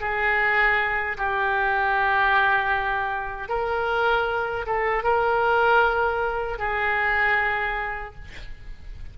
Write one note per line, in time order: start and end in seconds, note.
0.00 1.17 G#4
1.17 3.49 G4
3.49 4.65 A#4
4.66 5.03 A4
5.03 6.58 A#4
6.58 8.14 G#4